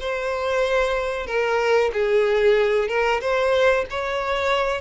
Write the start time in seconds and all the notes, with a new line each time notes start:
0.00 C5
1.26 A#4
1.93 G#4
2.88 A#4
3.21 C5
3.90 C#5